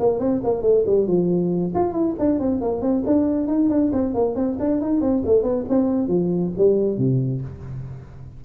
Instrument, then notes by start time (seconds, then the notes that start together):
tuba
0.00 A#3
0.20 C4
0.44 A#3
0.63 A3
0.86 G3
1.07 F3
1.75 F4
1.93 E4
2.19 D4
2.40 C4
2.62 A#3
2.82 C4
3.07 D4
3.48 D#4
3.70 D4
3.93 C4
4.14 A#3
4.36 C4
4.60 D4
4.81 D#4
5.01 C4
5.26 A3
5.43 B3
5.69 C4
6.08 F3
6.58 G3
6.98 C3